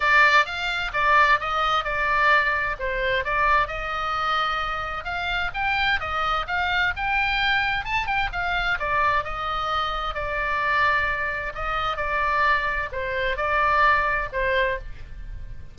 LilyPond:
\new Staff \with { instrumentName = "oboe" } { \time 4/4 \tempo 4 = 130 d''4 f''4 d''4 dis''4 | d''2 c''4 d''4 | dis''2. f''4 | g''4 dis''4 f''4 g''4~ |
g''4 a''8 g''8 f''4 d''4 | dis''2 d''2~ | d''4 dis''4 d''2 | c''4 d''2 c''4 | }